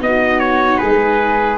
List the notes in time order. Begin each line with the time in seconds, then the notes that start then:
0.00 B3 D#4 F#4 D#5
0.40 C#5
0.78 G#3 G#4 B4